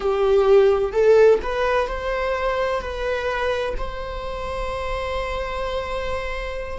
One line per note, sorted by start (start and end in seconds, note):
0.00 0.92 G4
0.92 1.39 A4
1.42 1.87 B4
1.87 2.80 C5
2.80 3.74 B4
3.78 6.78 C5